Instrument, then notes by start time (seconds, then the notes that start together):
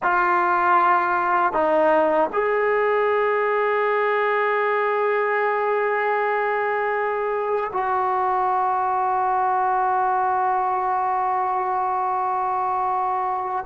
trombone
0.02 F4
1.52 D#4
2.33 G#4
7.72 F#4